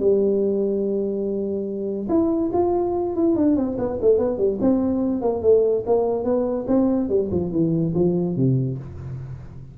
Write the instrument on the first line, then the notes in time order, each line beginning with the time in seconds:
tuba
0.00 G3
2.10 E4
2.54 F4
3.16 E4
3.36 D4
3.57 C4
3.79 B3
4.02 A3
4.19 B3
4.38 G3
4.62 C4
5.22 A#3
5.43 A3
5.87 A#3
6.25 B3
6.68 C4
7.10 G3
7.32 F3
7.52 E3
7.95 F3
8.37 C3